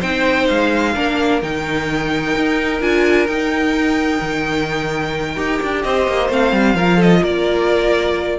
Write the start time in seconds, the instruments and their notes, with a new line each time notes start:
0.00 cello C4, viola D#4, violin C5 G5
0.47 cello G#3, violin F5
0.94 cello A#3, viola D4, violin A#4
1.42 cello D#3, viola D#4, violin G5
2.36 cello D#4
2.81 cello D4, viola F4, violin G#5
3.27 cello D#4, viola D#4, violin G5
4.21 cello D#3
5.36 cello D#4, viola G4
5.63 cello D4
5.82 cello C4, violin C5 D#5
6.08 cello A#3
6.29 cello A3, viola C4, violin F5
6.52 cello G3
6.75 cello F3, viola F4, violin A#4
6.97 violin A4 D#5
7.22 cello A#3, violin A#4 D5